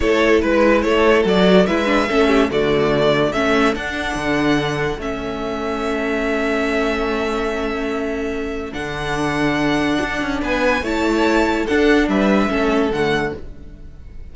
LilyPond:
<<
  \new Staff \with { instrumentName = "violin" } { \time 4/4 \tempo 4 = 144 cis''4 b'4 cis''4 d''4 | e''2 d''2 | e''4 fis''2. | e''1~ |
e''1~ | e''4 fis''2.~ | fis''4 gis''4 a''2 | fis''4 e''2 fis''4 | }
  \new Staff \with { instrumentName = "violin" } { \time 4/4 a'4 b'4 a'2 | b'4 a'8 g'8 fis'2 | a'1~ | a'1~ |
a'1~ | a'1~ | a'4 b'4 cis''2 | a'4 b'4 a'2 | }
  \new Staff \with { instrumentName = "viola" } { \time 4/4 e'2. fis'4 | e'8 d'8 cis'4 a2 | cis'4 d'2. | cis'1~ |
cis'1~ | cis'4 d'2.~ | d'2 e'2 | d'2 cis'4 a4 | }
  \new Staff \with { instrumentName = "cello" } { \time 4/4 a4 gis4 a4 fis4 | gis4 a4 d2 | a4 d'4 d2 | a1~ |
a1~ | a4 d2. | d'8 cis'8 b4 a2 | d'4 g4 a4 d4 | }
>>